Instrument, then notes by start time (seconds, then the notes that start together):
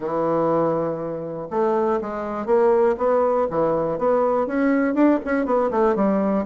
bassoon
0.00 E3
1.50 A3
2.01 G#3
2.45 A#3
2.97 B3
3.50 E3
3.98 B3
4.46 C#4
4.94 D4
5.24 C#4
5.45 B3
5.70 A3
5.95 G3